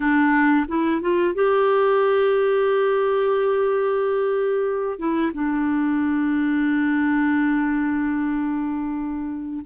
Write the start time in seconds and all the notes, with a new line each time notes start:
0.00 D4
0.68 E4
1.01 F4
1.34 G4
4.98 E4
5.33 D4